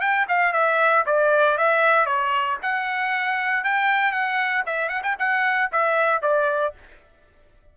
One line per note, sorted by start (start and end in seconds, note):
0.00 0.26 G5
0.28 0.53 F5
0.53 1.04 E5
1.06 1.58 D5
1.58 2.06 E5
2.06 2.57 C#5
2.62 3.64 F#5
3.64 4.12 G5
4.12 4.63 F#5
4.66 4.89 E5
4.89 5.01 F#5
5.03 5.16 G5
5.18 5.70 F#5
5.72 6.22 E5
6.22 6.74 D5